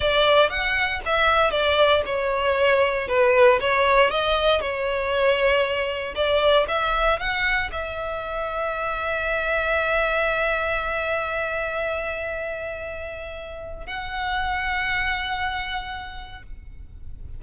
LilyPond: \new Staff \with { instrumentName = "violin" } { \time 4/4 \tempo 4 = 117 d''4 fis''4 e''4 d''4 | cis''2 b'4 cis''4 | dis''4 cis''2. | d''4 e''4 fis''4 e''4~ |
e''1~ | e''1~ | e''2. fis''4~ | fis''1 | }